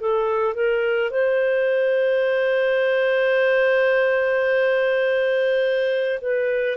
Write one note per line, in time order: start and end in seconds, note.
0.00 0.54 A4
0.54 1.11 A#4
1.11 6.20 C5
6.21 6.77 B4